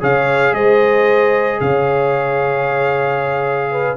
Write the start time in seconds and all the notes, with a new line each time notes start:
0.00 C#3 G#4 C#5 F5
0.52 G#3 C5 D#5
1.60 C#3 C#5 F5
3.71 B4